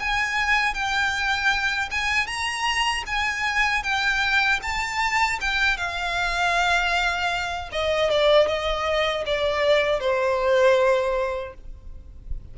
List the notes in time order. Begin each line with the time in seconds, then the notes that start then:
0.00 G#5
0.74 G5
1.91 G#5
2.27 A#5
3.07 G#5
3.84 G5
4.63 A5
5.41 G5
5.77 F5
7.72 D#5
8.11 D5
8.48 D#5
9.26 D5
10.00 C5